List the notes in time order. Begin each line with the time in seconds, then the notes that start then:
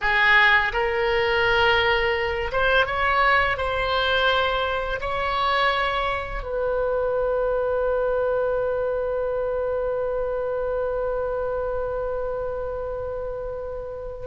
0.01 G#4
0.72 A#4
2.52 C5
2.86 C#5
3.57 C5
5.00 C#5
6.42 B4